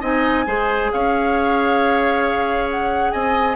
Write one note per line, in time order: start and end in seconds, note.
0.00 0.46 C4
0.00 0.45 D#4
0.00 0.44 D#5
0.00 0.92 G#5
0.46 0.91 G#3
0.46 3.56 G#4
0.46 0.91 C5
0.92 3.13 C#4
0.92 3.12 C#5
0.92 2.70 F5
2.70 3.11 F#5
3.11 3.56 C4
3.11 3.56 D#5
3.11 3.56 G#5